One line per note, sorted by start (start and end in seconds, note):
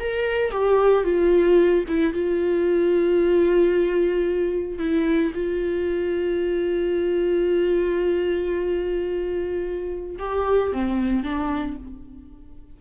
0.00 0.52 A#4
0.52 1.04 G4
1.04 1.85 F4
1.88 2.14 E4
2.14 4.79 F4
4.79 5.32 E4
5.35 10.17 F4
10.19 10.73 G4
10.73 11.24 C4
11.24 11.77 D4